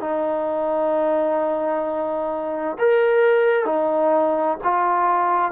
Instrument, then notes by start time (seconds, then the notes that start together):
trombone
0.00 D#4
2.79 A#4
3.65 D#4
4.64 F4